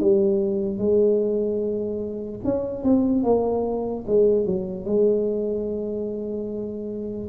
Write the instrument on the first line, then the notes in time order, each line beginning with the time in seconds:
tuba
0.00 G3
0.78 G#3
2.44 C#4
2.83 C4
3.24 A#3
4.07 G#3
4.46 F#3
4.85 G#3